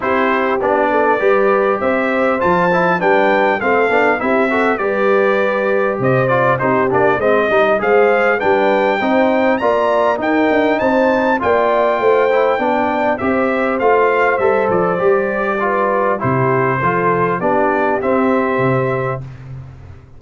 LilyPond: <<
  \new Staff \with { instrumentName = "trumpet" } { \time 4/4 \tempo 4 = 100 c''4 d''2 e''4 | a''4 g''4 f''4 e''4 | d''2 dis''8 d''8 c''8 d''8 | dis''4 f''4 g''2 |
ais''4 g''4 a''4 g''4~ | g''2 e''4 f''4 | e''8 d''2~ d''8 c''4~ | c''4 d''4 e''2 | }
  \new Staff \with { instrumentName = "horn" } { \time 4/4 g'4. a'8 b'4 c''4~ | c''4 b'4 a'4 g'8 a'8 | b'2 c''4 g'4 | c''8 dis''8 c''4 b'4 c''4 |
d''4 ais'4 c''4 d''4 | c''4 d''4 c''2~ | c''2 b'4 g'4 | a'4 g'2. | }
  \new Staff \with { instrumentName = "trombone" } { \time 4/4 e'4 d'4 g'2 | f'8 e'8 d'4 c'8 d'8 e'8 fis'8 | g'2~ g'8 f'8 dis'8 d'8 | c'8 dis'8 gis'4 d'4 dis'4 |
f'4 dis'2 f'4~ | f'8 e'8 d'4 g'4 f'4 | a'4 g'4 f'4 e'4 | f'4 d'4 c'2 | }
  \new Staff \with { instrumentName = "tuba" } { \time 4/4 c'4 b4 g4 c'4 | f4 g4 a8 b8 c'4 | g2 c4 c'8 ais8 | gis8 g8 gis4 g4 c'4 |
ais4 dis'8 d'8 c'4 ais4 | a4 b4 c'4 a4 | g8 f8 g2 c4 | f4 b4 c'4 c4 | }
>>